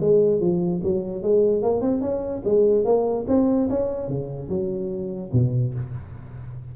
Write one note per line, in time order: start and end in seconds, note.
0.00 0.40 G#3
0.40 0.81 F3
0.83 1.22 F#3
1.22 1.62 G#3
1.62 1.81 A#3
1.81 2.01 C4
2.01 2.42 C#4
2.44 2.84 G#3
2.84 3.25 A#3
3.27 3.69 C4
3.69 4.08 C#4
4.08 4.49 C#3
4.49 5.31 F#3
5.32 5.73 B2